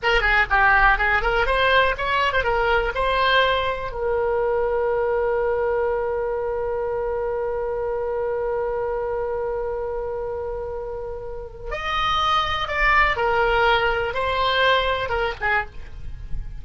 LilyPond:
\new Staff \with { instrumentName = "oboe" } { \time 4/4 \tempo 4 = 123 ais'8 gis'8 g'4 gis'8 ais'8 c''4 | cis''8. c''16 ais'4 c''2 | ais'1~ | ais'1~ |
ais'1~ | ais'1 | dis''2 d''4 ais'4~ | ais'4 c''2 ais'8 gis'8 | }